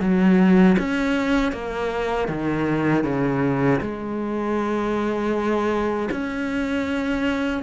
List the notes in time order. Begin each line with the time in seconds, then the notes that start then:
0.00 F#3
0.78 C#4
1.52 A#3
2.28 D#3
3.03 C#3
3.81 G#3
6.10 C#4